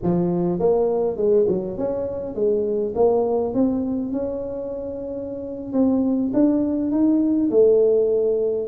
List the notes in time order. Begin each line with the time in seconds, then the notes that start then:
0.02 F3
0.59 A#3
1.16 G#3
1.48 F#3
1.77 C#4
2.34 G#3
2.95 A#3
3.54 C4
4.12 C#4
5.72 C4
6.33 D4
6.91 D#4
7.50 A3